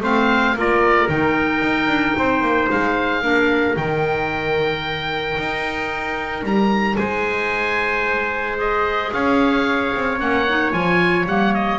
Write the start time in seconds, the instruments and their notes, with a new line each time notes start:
0.00 double bass A3, clarinet C4, trumpet C5, oboe F5
0.54 double bass A#3, clarinet F4, trumpet A#4, oboe D5
1.09 double bass D#3, clarinet D#4, oboe G5
1.62 double bass D#4
1.87 double bass D4
2.18 double bass C4, trumpet C5
2.41 double bass A#3
2.71 double bass G#3, oboe F5
3.22 double bass A#3, clarinet D4, trumpet A#4
3.76 double bass D#3, clarinet D#4, oboe G5
5.37 double bass D#4
6.43 double bass G3, oboe A#5
6.96 double bass G#3, trumpet C5, oboe G#5
8.57 clarinet G#4, oboe D#5
9.13 double bass C#4, trumpet C#5, oboe F5
9.94 double bass C4
10.19 double bass A#3, clarinet C#4, oboe F#5
10.49 clarinet D#4
10.72 double bass F3, clarinet F4, oboe G#5
11.26 double bass G3, clarinet A#3, oboe F#5
11.54 oboe D#5